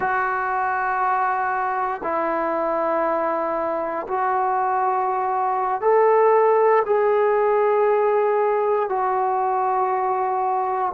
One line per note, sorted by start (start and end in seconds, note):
0.00 2.01 F#4
2.03 4.06 E4
4.07 5.81 F#4
5.81 6.82 A4
6.86 8.89 G#4
8.89 10.92 F#4